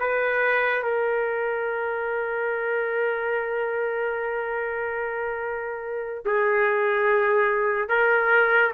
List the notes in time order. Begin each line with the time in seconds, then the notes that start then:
0.00 B4
0.83 A#4
6.26 G#4
7.89 A#4